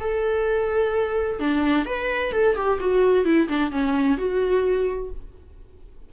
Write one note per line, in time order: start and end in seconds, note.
0.00 1.40 A4
1.40 1.86 D4
1.86 2.32 B4
2.32 2.55 A4
2.56 2.79 G4
2.80 3.25 F#4
3.25 3.48 E4
3.48 3.72 D4
3.72 4.18 C#4
4.18 5.11 F#4